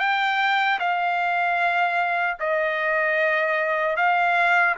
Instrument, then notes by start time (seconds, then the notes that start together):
trumpet
0.00 G5
0.80 F5
2.40 D#5
3.97 F5